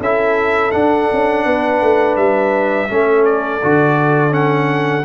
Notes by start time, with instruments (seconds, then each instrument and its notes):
0.00 tuba C#4, trombone E4, horn A4, trumpet E5
0.71 trombone D4, tuba D4, trumpet F#5
1.12 tuba C#4
1.45 tuba B3, horn B4
1.82 tuba A3
2.16 tuba G3, trumpet E5
2.89 tuba A3, trombone C#4, horn A4
3.25 trumpet D5
3.63 tuba D3, trombone F#4
4.30 trombone C#4, trumpet F#5